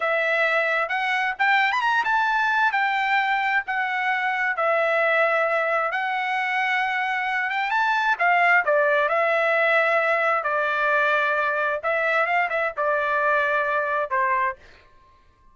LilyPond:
\new Staff \with { instrumentName = "trumpet" } { \time 4/4 \tempo 4 = 132 e''2 fis''4 g''8. b''16 | ais''8 a''4. g''2 | fis''2 e''2~ | e''4 fis''2.~ |
fis''8 g''8 a''4 f''4 d''4 | e''2. d''4~ | d''2 e''4 f''8 e''8 | d''2. c''4 | }